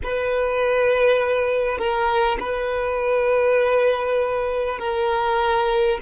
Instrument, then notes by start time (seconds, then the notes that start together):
violin
0.03 B4
1.78 A#4
2.40 B4
4.78 A#4